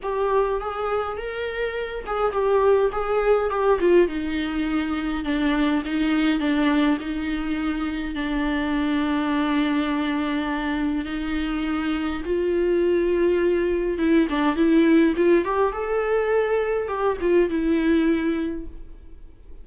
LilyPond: \new Staff \with { instrumentName = "viola" } { \time 4/4 \tempo 4 = 103 g'4 gis'4 ais'4. gis'8 | g'4 gis'4 g'8 f'8 dis'4~ | dis'4 d'4 dis'4 d'4 | dis'2 d'2~ |
d'2. dis'4~ | dis'4 f'2. | e'8 d'8 e'4 f'8 g'8 a'4~ | a'4 g'8 f'8 e'2 | }